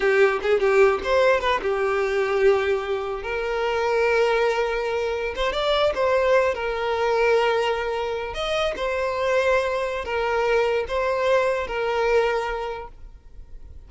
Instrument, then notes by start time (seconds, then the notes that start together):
violin
0.00 G4
0.42 G#4
0.59 G4
1.03 C5
1.40 B4
1.61 G4
3.22 A#4
5.35 C5
5.52 D5
5.95 C5
6.54 A#4
8.34 D#5
8.76 C5
10.04 A#4
10.88 C5
11.67 A#4